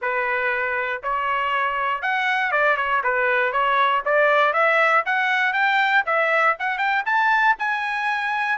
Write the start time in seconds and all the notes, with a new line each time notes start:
0.01 B4
1.02 C#5
2.02 F#5
2.51 D5
2.76 C#5
3.03 B4
3.52 C#5
4.05 D5
4.53 E5
5.05 F#5
5.53 G5
6.05 E5
6.59 F#5
6.77 G5
7.05 A5
7.58 G#5